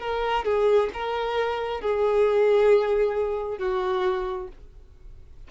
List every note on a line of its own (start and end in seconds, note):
0.00 0.44 A#4
0.44 0.89 G#4
0.93 1.81 A#4
1.81 3.58 G#4
3.58 4.48 F#4